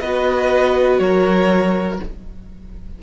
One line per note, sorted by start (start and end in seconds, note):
0.00 0.99 B3
0.00 2.02 F#4
0.00 1.00 B4
0.00 0.99 D#5
0.99 1.99 F#3
0.99 2.01 A#4
0.99 1.99 C#5